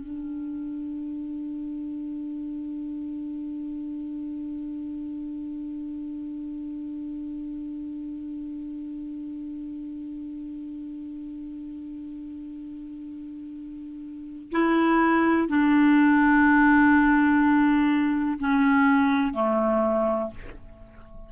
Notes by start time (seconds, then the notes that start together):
0.00 D4
14.52 E4
15.48 D4
18.39 C#4
19.34 A3